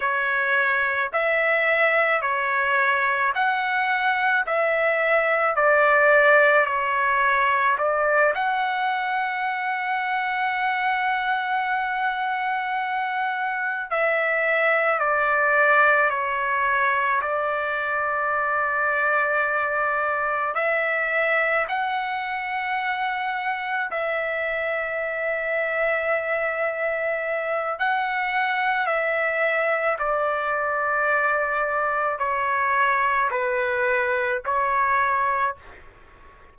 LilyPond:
\new Staff \with { instrumentName = "trumpet" } { \time 4/4 \tempo 4 = 54 cis''4 e''4 cis''4 fis''4 | e''4 d''4 cis''4 d''8 fis''8~ | fis''1~ | fis''8 e''4 d''4 cis''4 d''8~ |
d''2~ d''8 e''4 fis''8~ | fis''4. e''2~ e''8~ | e''4 fis''4 e''4 d''4~ | d''4 cis''4 b'4 cis''4 | }